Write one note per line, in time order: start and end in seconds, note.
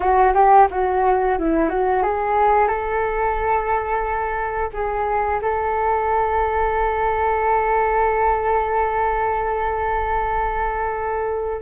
0.00 0.32 F#4
0.34 0.67 G4
0.70 1.38 F#4
1.38 1.69 E4
1.69 2.02 F#4
2.02 2.68 G#4
2.68 4.70 A4
4.73 5.40 G#4
5.41 11.61 A4